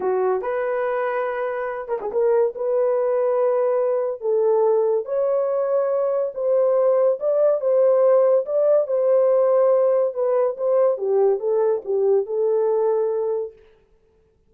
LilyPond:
\new Staff \with { instrumentName = "horn" } { \time 4/4 \tempo 4 = 142 fis'4 b'2.~ | b'8 ais'16 gis'16 ais'4 b'2~ | b'2 a'2 | cis''2. c''4~ |
c''4 d''4 c''2 | d''4 c''2. | b'4 c''4 g'4 a'4 | g'4 a'2. | }